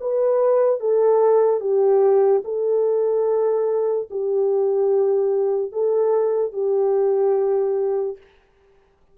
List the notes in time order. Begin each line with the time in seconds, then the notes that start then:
0.00 B4
0.80 A4
1.60 G4
2.44 A4
4.10 G4
5.72 A4
6.53 G4